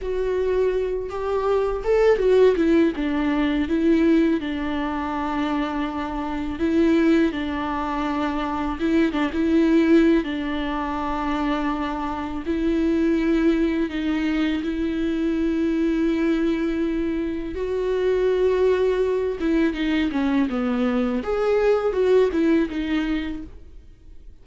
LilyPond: \new Staff \with { instrumentName = "viola" } { \time 4/4 \tempo 4 = 82 fis'4. g'4 a'8 fis'8 e'8 | d'4 e'4 d'2~ | d'4 e'4 d'2 | e'8 d'16 e'4~ e'16 d'2~ |
d'4 e'2 dis'4 | e'1 | fis'2~ fis'8 e'8 dis'8 cis'8 | b4 gis'4 fis'8 e'8 dis'4 | }